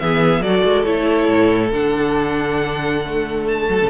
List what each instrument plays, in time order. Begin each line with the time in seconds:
0.00 cello E3, viola B3, violin G#4 E5
0.40 cello F#3, viola F#4, violin A4 D5
0.65 cello G#3
0.84 cello A3, viola E4, violin C#5
1.29 cello A2
1.72 cello D3, viola D4, violin F#5
3.06 viola A3
3.48 violin A5
3.58 violin G#4
3.69 cello F#3, violin A4
3.81 cello C#3